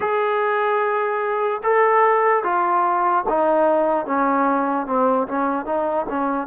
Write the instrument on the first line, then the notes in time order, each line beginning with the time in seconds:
trombone
0.00 G#4
1.63 A4
2.43 F4
3.28 D#4
4.06 C#4
4.86 C4
5.27 C#4
5.65 D#4
6.08 C#4